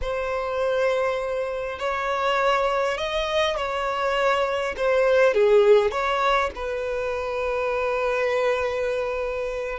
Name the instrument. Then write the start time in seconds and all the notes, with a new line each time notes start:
violin
0.01 C5
1.78 C#5
2.97 D#5
3.56 C#5
4.77 C5
5.34 G#4
5.91 C#5
6.55 B4